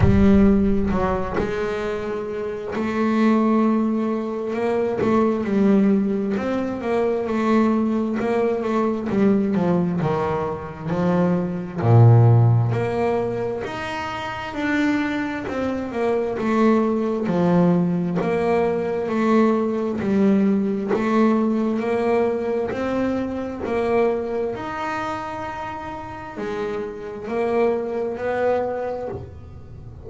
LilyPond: \new Staff \with { instrumentName = "double bass" } { \time 4/4 \tempo 4 = 66 g4 fis8 gis4. a4~ | a4 ais8 a8 g4 c'8 ais8 | a4 ais8 a8 g8 f8 dis4 | f4 ais,4 ais4 dis'4 |
d'4 c'8 ais8 a4 f4 | ais4 a4 g4 a4 | ais4 c'4 ais4 dis'4~ | dis'4 gis4 ais4 b4 | }